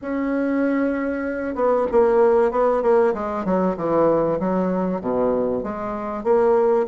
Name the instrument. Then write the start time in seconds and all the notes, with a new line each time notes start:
bassoon
0.01 C#4
1.55 B3
1.91 A#3
2.51 B3
2.82 A#3
3.14 G#3
3.44 F#3
3.76 E3
4.39 F#3
5.00 B2
5.63 G#3
6.23 A#3